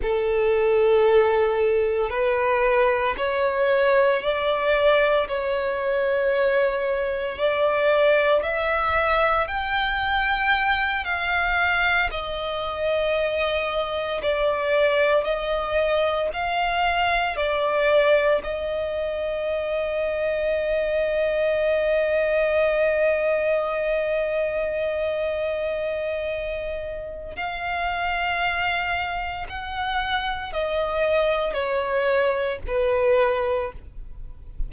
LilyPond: \new Staff \with { instrumentName = "violin" } { \time 4/4 \tempo 4 = 57 a'2 b'4 cis''4 | d''4 cis''2 d''4 | e''4 g''4. f''4 dis''8~ | dis''4. d''4 dis''4 f''8~ |
f''8 d''4 dis''2~ dis''8~ | dis''1~ | dis''2 f''2 | fis''4 dis''4 cis''4 b'4 | }